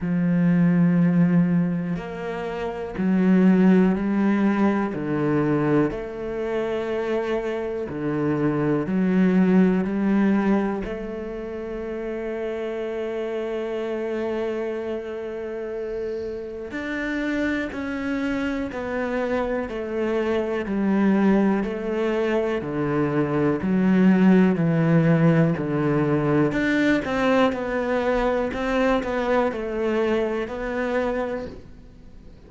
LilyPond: \new Staff \with { instrumentName = "cello" } { \time 4/4 \tempo 4 = 61 f2 ais4 fis4 | g4 d4 a2 | d4 fis4 g4 a4~ | a1~ |
a4 d'4 cis'4 b4 | a4 g4 a4 d4 | fis4 e4 d4 d'8 c'8 | b4 c'8 b8 a4 b4 | }